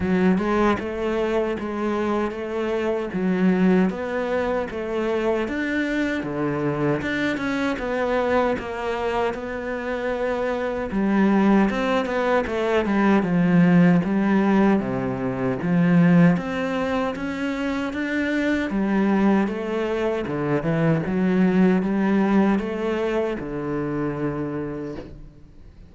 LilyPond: \new Staff \with { instrumentName = "cello" } { \time 4/4 \tempo 4 = 77 fis8 gis8 a4 gis4 a4 | fis4 b4 a4 d'4 | d4 d'8 cis'8 b4 ais4 | b2 g4 c'8 b8 |
a8 g8 f4 g4 c4 | f4 c'4 cis'4 d'4 | g4 a4 d8 e8 fis4 | g4 a4 d2 | }